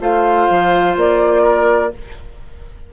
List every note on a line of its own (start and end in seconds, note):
0.00 0.48 A3
0.00 1.91 F4
0.00 1.43 C5
0.00 0.97 F5
0.50 0.96 F3
0.96 1.92 A#3
0.96 1.93 D5
1.43 1.90 A#4